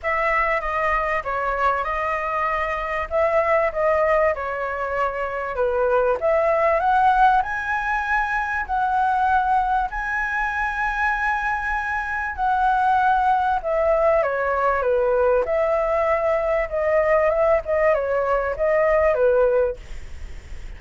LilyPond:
\new Staff \with { instrumentName = "flute" } { \time 4/4 \tempo 4 = 97 e''4 dis''4 cis''4 dis''4~ | dis''4 e''4 dis''4 cis''4~ | cis''4 b'4 e''4 fis''4 | gis''2 fis''2 |
gis''1 | fis''2 e''4 cis''4 | b'4 e''2 dis''4 | e''8 dis''8 cis''4 dis''4 b'4 | }